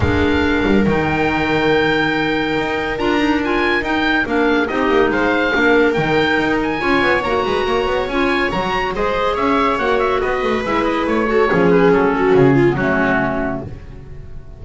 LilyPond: <<
  \new Staff \with { instrumentName = "oboe" } { \time 4/4 \tempo 4 = 141 f''2 g''2~ | g''2. ais''4 | gis''4 g''4 f''4 dis''4 | f''2 g''4. gis''8~ |
gis''4 ais''2 gis''4 | ais''4 dis''4 e''4 fis''8 e''8 | dis''4 e''8 dis''8 cis''4. b'8 | a'4 gis'4 fis'2 | }
  \new Staff \with { instrumentName = "viola" } { \time 4/4 ais'1~ | ais'1~ | ais'2~ ais'8 gis'8 g'4 | c''4 ais'2. |
cis''4. b'8 cis''2~ | cis''4 c''4 cis''2 | b'2~ b'8 a'8 gis'4~ | gis'8 fis'4 f'8 cis'2 | }
  \new Staff \with { instrumentName = "clarinet" } { \time 4/4 d'2 dis'2~ | dis'2. f'8 dis'8 | f'4 dis'4 d'4 dis'4~ | dis'4 d'4 dis'2 |
f'4 fis'2 f'4 | fis'4 gis'2 fis'4~ | fis'4 e'4. fis'8 cis'4~ | cis'4.~ cis'16 b16 a2 | }
  \new Staff \with { instrumentName = "double bass" } { \time 4/4 gis4. g8 dis2~ | dis2 dis'4 d'4~ | d'4 dis'4 ais4 c'8 ais8 | gis4 ais4 dis4 dis'4 |
cis'8 b8 ais8 gis8 ais8 b8 cis'4 | fis4 gis4 cis'4 ais4 | b8 a8 gis4 a4 f4 | fis4 cis4 fis2 | }
>>